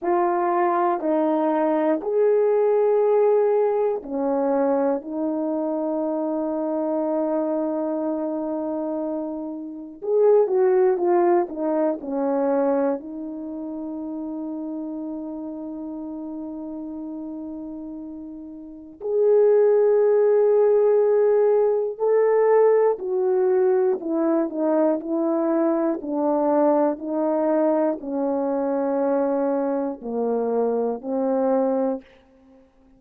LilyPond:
\new Staff \with { instrumentName = "horn" } { \time 4/4 \tempo 4 = 60 f'4 dis'4 gis'2 | cis'4 dis'2.~ | dis'2 gis'8 fis'8 f'8 dis'8 | cis'4 dis'2.~ |
dis'2. gis'4~ | gis'2 a'4 fis'4 | e'8 dis'8 e'4 d'4 dis'4 | cis'2 ais4 c'4 | }